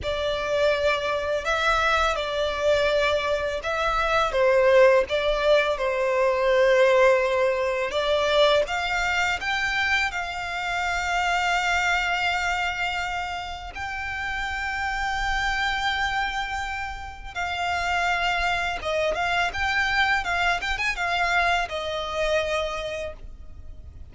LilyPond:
\new Staff \with { instrumentName = "violin" } { \time 4/4 \tempo 4 = 83 d''2 e''4 d''4~ | d''4 e''4 c''4 d''4 | c''2. d''4 | f''4 g''4 f''2~ |
f''2. g''4~ | g''1 | f''2 dis''8 f''8 g''4 | f''8 g''16 gis''16 f''4 dis''2 | }